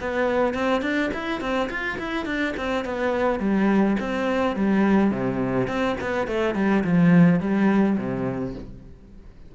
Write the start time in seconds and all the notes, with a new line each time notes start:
0.00 B3
0.54 C4
0.81 D4
1.13 E4
1.40 C4
1.69 F4
1.98 E4
2.25 D4
2.56 C4
2.84 B3
3.39 G3
3.99 C4
4.56 G3
5.10 C3
5.67 C4
6.00 B3
6.27 A3
6.55 G3
6.84 F3
7.40 G3
7.97 C3